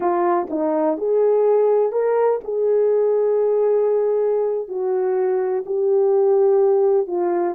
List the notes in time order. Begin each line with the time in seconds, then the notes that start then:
0.00 F4
0.50 D#4
0.97 G#4
1.92 A#4
2.43 G#4
4.68 F#4
5.66 G4
7.07 F4